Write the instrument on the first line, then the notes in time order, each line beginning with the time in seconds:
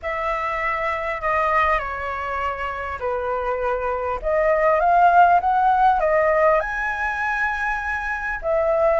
flute
0.02 E5
1.21 D#5
1.78 C#5
2.99 B4
4.22 D#5
4.79 F5
5.40 F#5
6.00 D#5
6.60 G#5
8.42 E5